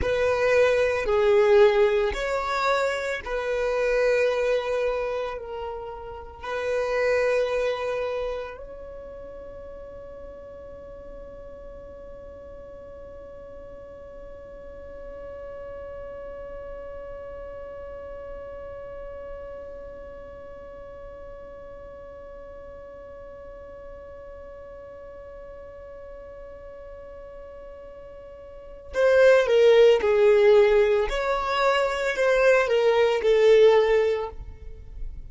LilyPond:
\new Staff \with { instrumentName = "violin" } { \time 4/4 \tempo 4 = 56 b'4 gis'4 cis''4 b'4~ | b'4 ais'4 b'2 | cis''1~ | cis''1~ |
cis''1~ | cis''1~ | cis''2. c''8 ais'8 | gis'4 cis''4 c''8 ais'8 a'4 | }